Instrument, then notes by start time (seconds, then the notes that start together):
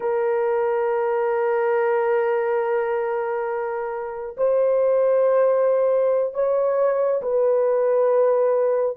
horn
0.00 A#4
4.37 C5
6.34 C#5
7.22 B4